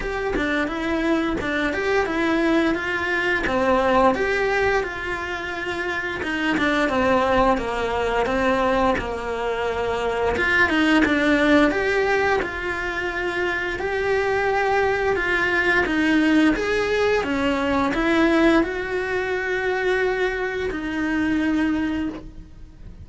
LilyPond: \new Staff \with { instrumentName = "cello" } { \time 4/4 \tempo 4 = 87 g'8 d'8 e'4 d'8 g'8 e'4 | f'4 c'4 g'4 f'4~ | f'4 dis'8 d'8 c'4 ais4 | c'4 ais2 f'8 dis'8 |
d'4 g'4 f'2 | g'2 f'4 dis'4 | gis'4 cis'4 e'4 fis'4~ | fis'2 dis'2 | }